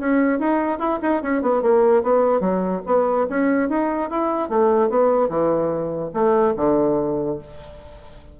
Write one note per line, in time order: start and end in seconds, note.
0.00 0.40 C#4
0.40 0.79 D#4
0.79 1.00 E4
1.03 1.23 D#4
1.23 1.42 C#4
1.42 1.63 B3
1.63 2.03 A#3
2.03 2.41 B3
2.41 2.82 F#3
2.86 3.27 B3
3.30 3.69 C#4
3.69 4.11 D#4
4.11 4.50 E4
4.50 4.90 A3
4.90 5.29 B3
5.29 6.12 E3
6.14 6.55 A3
6.57 7.39 D3